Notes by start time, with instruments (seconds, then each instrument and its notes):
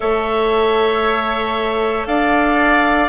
0.00 bassoon A3, clarinet A4, oboe C#5, flute E5
2.06 bassoon D4, oboe D5, flute F5